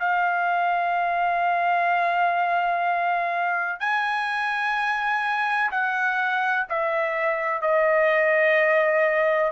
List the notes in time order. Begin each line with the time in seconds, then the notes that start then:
0.00 F5
3.81 G#5
5.71 F#5
6.70 E5
7.62 D#5